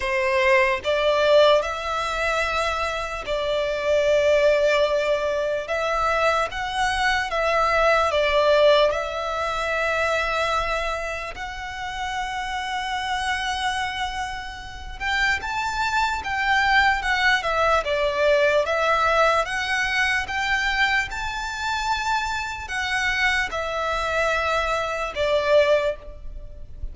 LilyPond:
\new Staff \with { instrumentName = "violin" } { \time 4/4 \tempo 4 = 74 c''4 d''4 e''2 | d''2. e''4 | fis''4 e''4 d''4 e''4~ | e''2 fis''2~ |
fis''2~ fis''8 g''8 a''4 | g''4 fis''8 e''8 d''4 e''4 | fis''4 g''4 a''2 | fis''4 e''2 d''4 | }